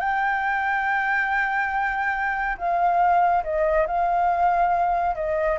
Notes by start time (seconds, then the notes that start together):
0.00 G5
2.58 F5
3.44 D#5
3.87 F5
5.15 D#5